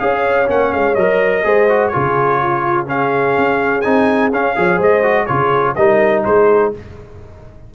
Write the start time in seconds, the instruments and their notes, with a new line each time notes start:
0.00 tuba C#4, trombone G#4, horn C#5, trumpet F5
0.47 tuba A#3, trombone C#4, trumpet F#5
0.73 tuba G#3, trumpet F5
0.95 tuba F#3, trombone A#4, trumpet D#5
1.44 tuba G#3, trombone G#4, horn C5
1.69 trombone F#4
1.89 trombone F4, horn G#4, trumpet C#5
1.96 tuba C#3
2.39 horn F4
2.87 trombone C#4, horn G#4, trumpet F5
3.38 tuba C#4
3.82 tuba C4, trombone D#4, trumpet G#5
4.33 tuba C#4, trombone C#4, trumpet F5
4.56 tuba F3, trombone G#4, horn C#5
4.78 tuba G#3, horn C5, trumpet D#5
5.04 trombone F#4
5.26 tuba C#3, trombone F4, horn G#4, trumpet C#5
5.75 tuba G3, trombone D#4, horn A#4, trumpet D#5
6.25 tuba G#3, horn G#4, trumpet C5